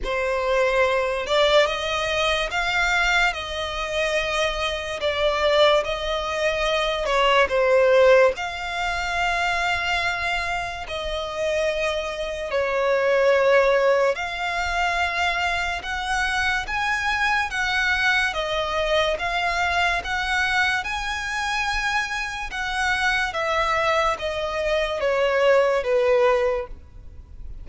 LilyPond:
\new Staff \with { instrumentName = "violin" } { \time 4/4 \tempo 4 = 72 c''4. d''8 dis''4 f''4 | dis''2 d''4 dis''4~ | dis''8 cis''8 c''4 f''2~ | f''4 dis''2 cis''4~ |
cis''4 f''2 fis''4 | gis''4 fis''4 dis''4 f''4 | fis''4 gis''2 fis''4 | e''4 dis''4 cis''4 b'4 | }